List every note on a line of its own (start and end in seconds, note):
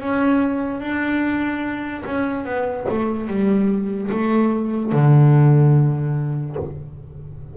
0.00 0.81 C#4
0.81 2.04 D4
2.05 2.45 C#4
2.45 2.86 B3
2.90 3.28 A3
3.28 4.10 G3
4.11 4.92 A3
4.92 6.57 D3